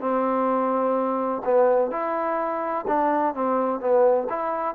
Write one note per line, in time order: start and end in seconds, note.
0.00 1.42 C4
1.44 1.91 B3
1.91 2.85 E4
2.87 3.34 D4
3.34 3.80 C4
3.80 4.27 B3
4.29 4.75 E4